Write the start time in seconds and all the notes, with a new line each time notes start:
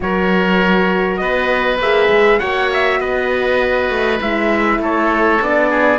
0.00 F#3 F#4 A#4 C#5
1.16 B3 B4 D#5
1.78 A#3 G#4 E5
2.09 G#3
2.39 A#3 F#4 C#5 F#5
2.73 E5
3.00 B3 B4 D#5
3.89 A3
4.21 G#3 E4 E5
4.78 A3 A4 C#5
5.41 B3 D4 D5
5.70 G#4